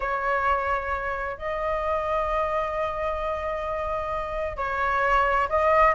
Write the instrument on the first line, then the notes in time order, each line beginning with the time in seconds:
flute
0.00 C#5
1.37 D#5
4.56 C#5
5.49 D#5